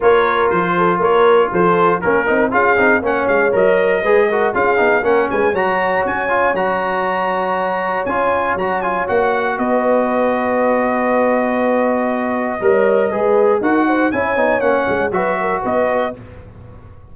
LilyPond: <<
  \new Staff \with { instrumentName = "trumpet" } { \time 4/4 \tempo 4 = 119 cis''4 c''4 cis''4 c''4 | ais'4 f''4 fis''8 f''8 dis''4~ | dis''4 f''4 fis''8 gis''8 ais''4 | gis''4 ais''2. |
gis''4 ais''8 gis''8 fis''4 dis''4~ | dis''1~ | dis''2. fis''4 | gis''4 fis''4 e''4 dis''4 | }
  \new Staff \with { instrumentName = "horn" } { \time 4/4 ais'4. a'8 ais'4 a'4 | ais'4 gis'4 cis''2 | b'8 ais'8 gis'4 ais'8 b'8 cis''4~ | cis''1~ |
cis''2. b'4~ | b'1~ | b'4 cis''4 b'4 ais'8 c''8 | cis''2 b'8 ais'8 b'4 | }
  \new Staff \with { instrumentName = "trombone" } { \time 4/4 f'1 | cis'8 dis'8 f'8 dis'8 cis'4 ais'4 | gis'8 fis'8 f'8 dis'8 cis'4 fis'4~ | fis'8 f'8 fis'2. |
f'4 fis'8 f'8 fis'2~ | fis'1~ | fis'4 ais'4 gis'4 fis'4 | e'8 dis'8 cis'4 fis'2 | }
  \new Staff \with { instrumentName = "tuba" } { \time 4/4 ais4 f4 ais4 f4 | ais8 c'8 cis'8 c'8 ais8 gis8 fis4 | gis4 cis'8 b8 ais8 gis8 fis4 | cis'4 fis2. |
cis'4 fis4 ais4 b4~ | b1~ | b4 g4 gis4 dis'4 | cis'8 b8 ais8 gis8 fis4 b4 | }
>>